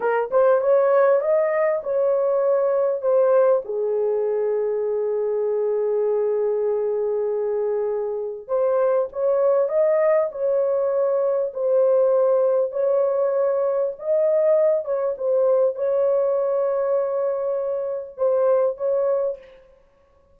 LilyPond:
\new Staff \with { instrumentName = "horn" } { \time 4/4 \tempo 4 = 99 ais'8 c''8 cis''4 dis''4 cis''4~ | cis''4 c''4 gis'2~ | gis'1~ | gis'2 c''4 cis''4 |
dis''4 cis''2 c''4~ | c''4 cis''2 dis''4~ | dis''8 cis''8 c''4 cis''2~ | cis''2 c''4 cis''4 | }